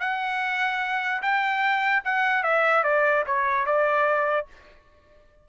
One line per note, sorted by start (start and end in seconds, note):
0.00 1.22 F#5
1.22 2.03 G5
2.04 2.43 F#5
2.43 2.84 E5
2.84 3.24 D5
3.26 3.66 C#5
3.66 4.47 D5